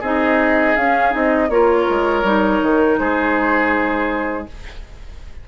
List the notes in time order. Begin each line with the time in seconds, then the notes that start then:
0.00 C4 D#4 G#4 D#5
0.76 C#4 F5
1.10 C4 D#4 D#5
1.49 A#3 F4 A#4 C#5
1.89 G#3
2.23 G3 D#4
2.62 D#3
2.98 G#3 G#4 C5